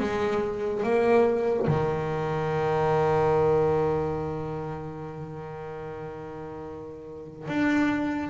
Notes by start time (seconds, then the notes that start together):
0.00 G#3
0.83 A#3
1.67 D#3
7.48 D4